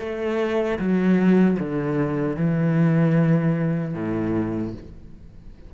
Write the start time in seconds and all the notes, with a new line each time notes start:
0.00 A3
0.79 F#3
1.60 D3
2.37 E3
3.95 A2